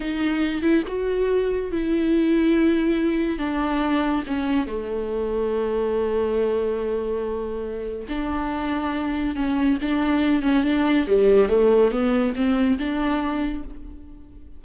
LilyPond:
\new Staff \with { instrumentName = "viola" } { \time 4/4 \tempo 4 = 141 dis'4. e'8 fis'2 | e'1 | d'2 cis'4 a4~ | a1~ |
a2. d'4~ | d'2 cis'4 d'4~ | d'8 cis'8 d'4 g4 a4 | b4 c'4 d'2 | }